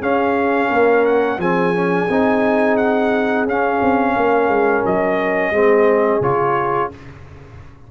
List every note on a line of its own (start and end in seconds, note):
0.00 0.69 C#4
0.00 1.39 C#4
0.00 0.69 G#4
0.00 1.05 F5
0.69 1.37 A#3
0.69 1.38 A#4
1.05 1.39 F#5
1.37 2.06 F3
1.37 1.74 C4
1.37 4.15 G#4
1.37 2.76 G#5
1.74 2.09 C#4
2.08 3.45 C4
2.08 3.47 D#4
2.76 3.45 F#5
3.45 3.80 C#4
3.45 5.53 C#4
3.45 4.85 F5
3.81 4.16 C4
4.16 4.48 A#3
4.16 5.52 A#4
4.48 4.82 G#3
4.85 5.50 F#3
4.85 6.22 D#5
5.50 6.19 G#3
5.50 6.22 C4
5.50 6.90 G#4
6.20 6.89 C#3
6.20 6.91 F4
6.20 6.91 C#5